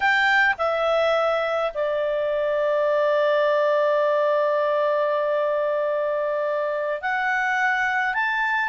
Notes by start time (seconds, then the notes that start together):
0.00 G5
0.58 E5
1.74 D5
7.01 F#5
8.14 A5